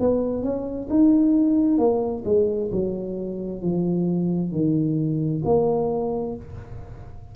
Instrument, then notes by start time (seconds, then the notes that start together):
tuba
0.00 B3
0.43 C#4
0.90 D#4
1.78 A#3
2.25 G#3
2.72 F#3
3.62 F3
4.52 D#3
5.45 A#3